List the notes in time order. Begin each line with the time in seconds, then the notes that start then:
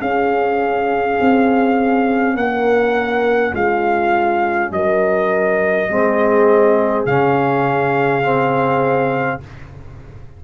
0.00 C#4 G#4 F5
1.21 C4
2.35 A#3 A#4 F#5
3.53 G#3 F4 F5
4.71 F#3 A#4 D#5
5.89 G#3 C4 G#4
7.06 C#3 C#4 F5
8.23 C4